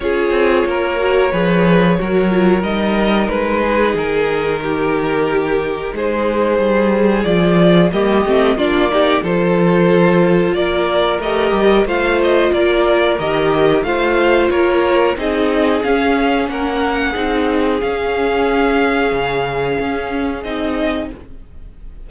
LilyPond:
<<
  \new Staff \with { instrumentName = "violin" } { \time 4/4 \tempo 4 = 91 cis''1 | dis''4 b'4 ais'2~ | ais'4 c''2 d''4 | dis''4 d''4 c''2 |
d''4 dis''4 f''8 dis''8 d''4 | dis''4 f''4 cis''4 dis''4 | f''4 fis''2 f''4~ | f''2. dis''4 | }
  \new Staff \with { instrumentName = "violin" } { \time 4/4 gis'4 ais'4 b'4 ais'4~ | ais'4. gis'4. g'4~ | g'4 gis'2. | g'4 f'8 g'8 a'2 |
ais'2 c''4 ais'4~ | ais'4 c''4 ais'4 gis'4~ | gis'4 ais'4 gis'2~ | gis'1 | }
  \new Staff \with { instrumentName = "viola" } { \time 4/4 f'4. fis'8 gis'4 fis'8 f'8 | dis'1~ | dis'2. f'4 | ais8 c'8 d'8 dis'8 f'2~ |
f'4 g'4 f'2 | g'4 f'2 dis'4 | cis'2 dis'4 cis'4~ | cis'2. dis'4 | }
  \new Staff \with { instrumentName = "cello" } { \time 4/4 cis'8 c'8 ais4 f4 fis4 | g4 gis4 dis2~ | dis4 gis4 g4 f4 | g8 a8 ais4 f2 |
ais4 a8 g8 a4 ais4 | dis4 a4 ais4 c'4 | cis'4 ais4 c'4 cis'4~ | cis'4 cis4 cis'4 c'4 | }
>>